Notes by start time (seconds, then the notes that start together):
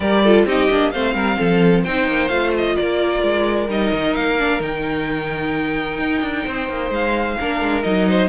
0.00 G3 G4 A#4 D5
0.23 F4 A4
0.45 C4 D#4 G4 D#5
0.70 A#3 D4
0.91 A3 C4 C5 F5
1.14 G3 A#4
1.38 F3 A4
1.83 C4 D#4 C5 G5
2.07 A#3
2.27 A3 F4 F5
2.57 D#5
2.76 A#3 A#4 D5
3.22 G#3
3.68 G3 D#4 D#5
3.92 D#3
4.15 A#3 F5
4.38 D4
4.59 D#3 D#4 G5
5.98 D#4
6.21 D4
6.45 C4 C5
6.69 A#3
6.90 G#3 F5
7.39 A#3 D4 A#4
7.60 G#3
7.82 F#3 D#4 D#5
8.08 C5